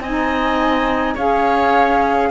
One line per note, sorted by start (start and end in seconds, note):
0.00 1.14 C4
0.00 1.18 D#4
0.00 1.15 D#5
0.00 1.16 G#5
1.15 2.31 C#4
1.15 2.31 G#4
1.15 2.29 C#5
1.15 2.31 F5